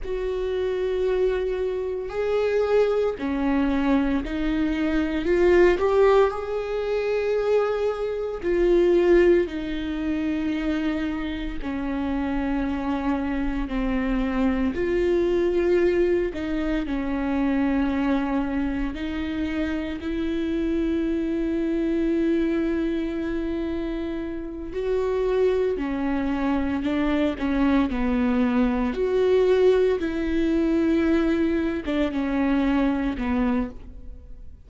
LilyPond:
\new Staff \with { instrumentName = "viola" } { \time 4/4 \tempo 4 = 57 fis'2 gis'4 cis'4 | dis'4 f'8 g'8 gis'2 | f'4 dis'2 cis'4~ | cis'4 c'4 f'4. dis'8 |
cis'2 dis'4 e'4~ | e'2.~ e'8 fis'8~ | fis'8 cis'4 d'8 cis'8 b4 fis'8~ | fis'8 e'4.~ e'16 d'16 cis'4 b8 | }